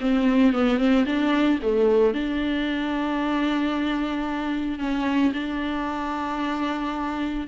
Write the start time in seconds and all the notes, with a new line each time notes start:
0.00 C4
0.53 B3
0.78 C4
1.05 D4
1.62 A3
2.14 D4
4.79 C#4
5.33 D4